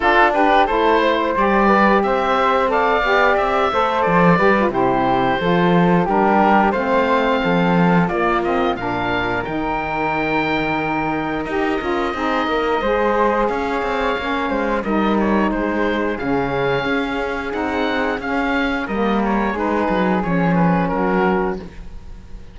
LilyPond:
<<
  \new Staff \with { instrumentName = "oboe" } { \time 4/4 \tempo 4 = 89 a'8 b'8 c''4 d''4 e''4 | f''4 e''4 d''4 c''4~ | c''4 ais'4 f''2 | d''8 dis''8 f''4 g''2~ |
g''4 dis''2. | f''2 dis''8 cis''8 c''4 | f''2 fis''4 f''4 | dis''8 cis''8 b'4 cis''8 b'8 ais'4 | }
  \new Staff \with { instrumentName = "flute" } { \time 4/4 f'8 g'8 a'8 c''4 b'8 c''4 | d''4. c''4 b'8 g'4 | a'4 g'4 c''4 a'4 | f'4 ais'2.~ |
ais'2 gis'8 ais'8 c''4 | cis''4. c''8 ais'4 gis'4~ | gis'1 | ais'4 gis'2 fis'4 | }
  \new Staff \with { instrumentName = "saxophone" } { \time 4/4 d'4 e'4 g'2 | a'8 g'4 a'4 g'16 f'16 e'4 | f'4 d'4 c'2 | ais8 c'8 d'4 dis'2~ |
dis'4 g'8 f'8 dis'4 gis'4~ | gis'4 cis'4 dis'2 | cis'2 dis'4 cis'4 | ais4 dis'4 cis'2 | }
  \new Staff \with { instrumentName = "cello" } { \time 4/4 d'4 a4 g4 c'4~ | c'8 b8 c'8 a8 f8 g8 c4 | f4 g4 a4 f4 | ais4 ais,4 dis2~ |
dis4 dis'8 cis'8 c'8 ais8 gis4 | cis'8 c'8 ais8 gis8 g4 gis4 | cis4 cis'4 c'4 cis'4 | g4 gis8 fis8 f4 fis4 | }
>>